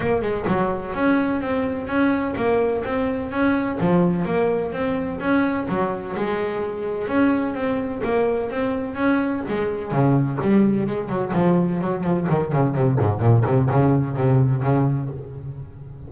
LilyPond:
\new Staff \with { instrumentName = "double bass" } { \time 4/4 \tempo 4 = 127 ais8 gis8 fis4 cis'4 c'4 | cis'4 ais4 c'4 cis'4 | f4 ais4 c'4 cis'4 | fis4 gis2 cis'4 |
c'4 ais4 c'4 cis'4 | gis4 cis4 g4 gis8 fis8 | f4 fis8 f8 dis8 cis8 c8 gis,8 | ais,8 c8 cis4 c4 cis4 | }